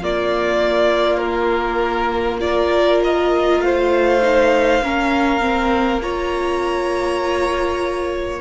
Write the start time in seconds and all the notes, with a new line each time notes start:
0.00 A#3 F4 D5
1.18 A#4
2.41 F4 A#4 D5
3.04 D#5
3.61 A3 C5 F5
4.21 D#4
4.80 A#3 C#4 A#4
5.41 C4
6.02 F4 C#5 A#5